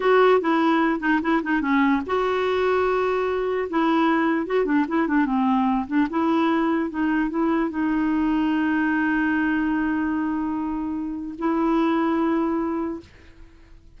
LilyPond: \new Staff \with { instrumentName = "clarinet" } { \time 4/4 \tempo 4 = 148 fis'4 e'4. dis'8 e'8 dis'8 | cis'4 fis'2.~ | fis'4 e'2 fis'8 d'8 | e'8 d'8 c'4. d'8 e'4~ |
e'4 dis'4 e'4 dis'4~ | dis'1~ | dis'1 | e'1 | }